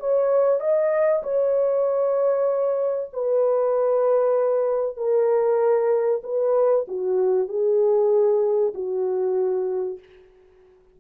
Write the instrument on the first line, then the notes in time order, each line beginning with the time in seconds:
horn
0.00 C#5
0.61 D#5
1.23 C#5
3.13 B4
4.97 A#4
6.24 B4
6.88 F#4
7.49 G#4
8.74 F#4